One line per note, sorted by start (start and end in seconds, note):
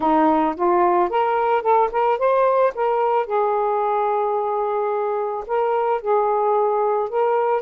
0.00 0.55 D#4
0.56 1.09 F4
1.09 1.62 A#4
1.62 1.89 A4
1.91 2.18 A#4
2.18 2.73 C5
2.74 3.26 A#4
3.26 5.44 G#4
5.46 6.01 A#4
6.01 7.09 G#4
7.09 7.61 A#4